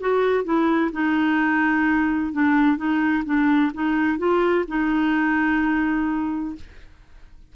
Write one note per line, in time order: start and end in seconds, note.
0.00 0.44 F#4
0.44 0.91 E4
0.92 2.32 D#4
2.32 2.77 D4
2.77 3.24 D#4
3.25 3.72 D4
3.74 4.18 D#4
4.18 4.65 F4
4.68 6.55 D#4